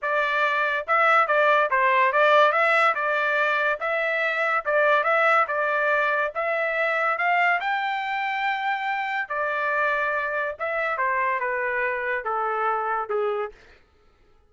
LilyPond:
\new Staff \with { instrumentName = "trumpet" } { \time 4/4 \tempo 4 = 142 d''2 e''4 d''4 | c''4 d''4 e''4 d''4~ | d''4 e''2 d''4 | e''4 d''2 e''4~ |
e''4 f''4 g''2~ | g''2 d''2~ | d''4 e''4 c''4 b'4~ | b'4 a'2 gis'4 | }